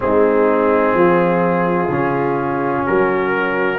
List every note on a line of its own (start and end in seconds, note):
0.00 0.93 G#3
0.00 1.87 C4
0.00 0.97 D#4
0.00 2.86 G#4
0.93 1.88 F3
0.93 2.86 F4
1.88 2.84 C#3
1.88 3.78 C#4
2.86 3.78 F#3
2.86 3.78 F#4
2.86 3.78 A#4